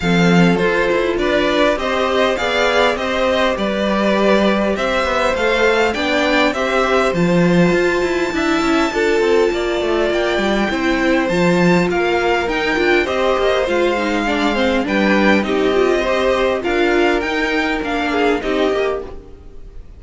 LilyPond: <<
  \new Staff \with { instrumentName = "violin" } { \time 4/4 \tempo 4 = 101 f''4 c''4 d''4 dis''4 | f''4 dis''4 d''2 | e''4 f''4 g''4 e''4 | a''1~ |
a''4 g''2 a''4 | f''4 g''4 dis''4 f''4~ | f''4 g''4 dis''2 | f''4 g''4 f''4 dis''4 | }
  \new Staff \with { instrumentName = "violin" } { \time 4/4 a'2 b'4 c''4 | d''4 c''4 b'2 | c''2 d''4 c''4~ | c''2 e''4 a'4 |
d''2 c''2 | ais'2 c''2 | d''8 c''8 b'4 g'4 c''4 | ais'2~ ais'8 gis'8 g'4 | }
  \new Staff \with { instrumentName = "viola" } { \time 4/4 c'4 f'2 g'4 | gis'4 g'2.~ | g'4 a'4 d'4 g'4 | f'2 e'4 f'4~ |
f'2 e'4 f'4~ | f'4 dis'8 f'8 g'4 f'8 dis'8 | d'8 c'8 d'4 dis'8 f'8 g'4 | f'4 dis'4 d'4 dis'8 g'8 | }
  \new Staff \with { instrumentName = "cello" } { \time 4/4 f4 f'8 e'8 d'4 c'4 | b4 c'4 g2 | c'8 b8 a4 b4 c'4 | f4 f'8 e'8 d'8 cis'8 d'8 c'8 |
ais8 a8 ais8 g8 c'4 f4 | ais4 dis'8 d'8 c'8 ais8 gis4~ | gis4 g4 c'2 | d'4 dis'4 ais4 c'8 ais8 | }
>>